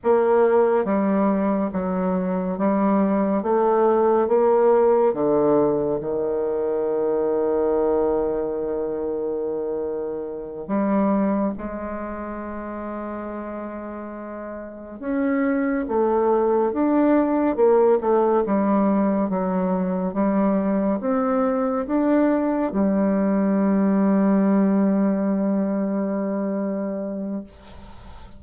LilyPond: \new Staff \with { instrumentName = "bassoon" } { \time 4/4 \tempo 4 = 70 ais4 g4 fis4 g4 | a4 ais4 d4 dis4~ | dis1~ | dis8 g4 gis2~ gis8~ |
gis4. cis'4 a4 d'8~ | d'8 ais8 a8 g4 fis4 g8~ | g8 c'4 d'4 g4.~ | g1 | }